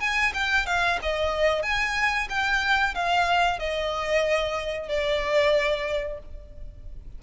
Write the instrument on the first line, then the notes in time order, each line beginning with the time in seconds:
violin
0.00 G#5
0.34 G5
0.66 F5
1.02 D#5
1.62 G#5
2.29 G5
2.94 F5
3.59 D#5
4.88 D5